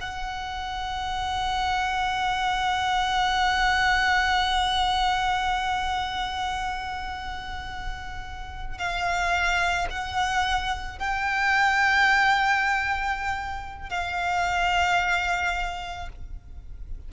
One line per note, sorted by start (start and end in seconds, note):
0.00 8.78 F#5
8.78 9.87 F5
9.90 10.99 F#5
10.99 13.89 G5
13.89 16.09 F5